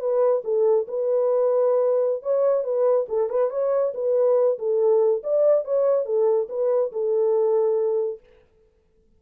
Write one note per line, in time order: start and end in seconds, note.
0.00 0.43 B4
0.44 0.87 A4
0.88 2.23 B4
2.23 2.64 C#5
2.64 3.07 B4
3.09 3.30 A4
3.30 3.51 B4
3.51 3.93 C#5
3.94 4.58 B4
4.59 5.23 A4
5.24 5.65 D5
5.65 6.05 C#5
6.05 6.48 A4
6.49 6.92 B4
6.93 8.20 A4